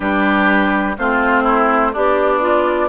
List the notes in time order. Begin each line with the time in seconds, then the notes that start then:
0.00 G3 D4 G4 B4
0.98 A3 C4 F4 C5
1.43 E4
1.93 B3 D4 G4 D5
2.40 F4